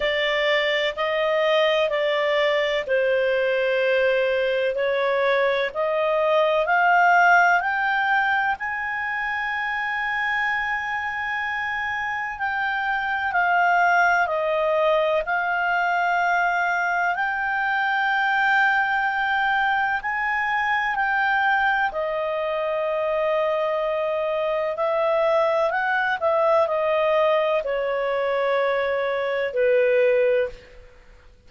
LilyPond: \new Staff \with { instrumentName = "clarinet" } { \time 4/4 \tempo 4 = 63 d''4 dis''4 d''4 c''4~ | c''4 cis''4 dis''4 f''4 | g''4 gis''2.~ | gis''4 g''4 f''4 dis''4 |
f''2 g''2~ | g''4 gis''4 g''4 dis''4~ | dis''2 e''4 fis''8 e''8 | dis''4 cis''2 b'4 | }